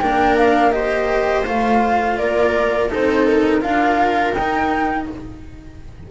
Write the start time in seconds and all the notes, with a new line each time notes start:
0.00 A#3 D4 A#4 G5
0.37 F5
0.72 G4 C5 D#5
1.47 A3 F4 F5
2.17 A#3 A#4 D5
2.90 C4 D#4 A4 C5
3.26 A#4
3.61 D4 F4 A#4 F5
4.34 D#4 G5